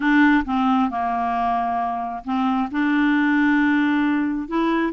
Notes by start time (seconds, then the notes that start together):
0.00 D4
0.45 C4
0.90 A#3
2.24 C4
2.71 D4
4.48 E4